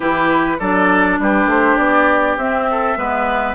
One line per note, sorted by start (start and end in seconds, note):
0.00 0.58 E3
0.00 0.58 E4
0.00 0.57 G4
0.00 0.59 B4
0.59 1.19 F#3
0.59 2.39 D4
0.59 1.18 A4
0.59 1.19 D5
1.19 1.46 G3
1.19 2.70 G4
1.19 1.49 B4
1.46 1.75 A3
1.46 1.76 C5
1.76 2.36 B3
1.76 2.36 D5
2.36 2.96 C4
2.36 2.97 C4
2.36 3.54 E5
2.70 2.98 A4
2.97 3.54 G#3
2.97 3.54 B3
2.97 3.54 B4